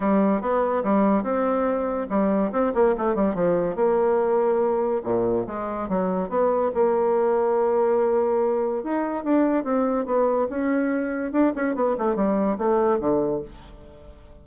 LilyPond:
\new Staff \with { instrumentName = "bassoon" } { \time 4/4 \tempo 4 = 143 g4 b4 g4 c'4~ | c'4 g4 c'8 ais8 a8 g8 | f4 ais2. | ais,4 gis4 fis4 b4 |
ais1~ | ais4 dis'4 d'4 c'4 | b4 cis'2 d'8 cis'8 | b8 a8 g4 a4 d4 | }